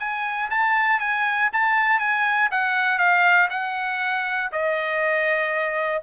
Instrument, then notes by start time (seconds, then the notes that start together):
trumpet
0.00 G#5
0.51 A5
1.00 G#5
1.53 A5
2.00 G#5
2.51 F#5
2.98 F5
3.50 F#5
4.52 D#5